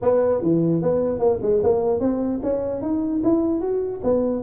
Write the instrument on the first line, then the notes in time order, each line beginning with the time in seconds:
tuba
0.02 B3
0.42 E3
0.82 B3
1.19 A#3
1.42 G#3
1.63 A#3
2.00 C4
2.42 C#4
2.81 D#4
3.23 E4
3.60 F#4
4.03 B3